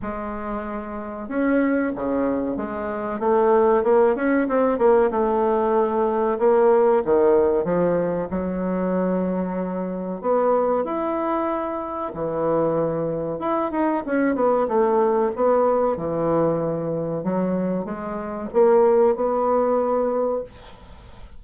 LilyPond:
\new Staff \with { instrumentName = "bassoon" } { \time 4/4 \tempo 4 = 94 gis2 cis'4 cis4 | gis4 a4 ais8 cis'8 c'8 ais8 | a2 ais4 dis4 | f4 fis2. |
b4 e'2 e4~ | e4 e'8 dis'8 cis'8 b8 a4 | b4 e2 fis4 | gis4 ais4 b2 | }